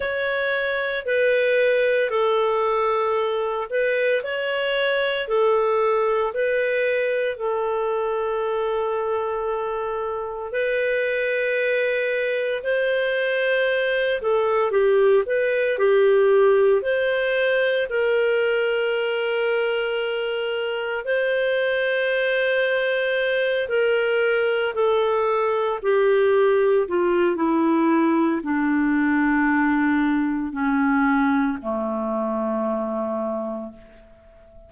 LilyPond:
\new Staff \with { instrumentName = "clarinet" } { \time 4/4 \tempo 4 = 57 cis''4 b'4 a'4. b'8 | cis''4 a'4 b'4 a'4~ | a'2 b'2 | c''4. a'8 g'8 b'8 g'4 |
c''4 ais'2. | c''2~ c''8 ais'4 a'8~ | a'8 g'4 f'8 e'4 d'4~ | d'4 cis'4 a2 | }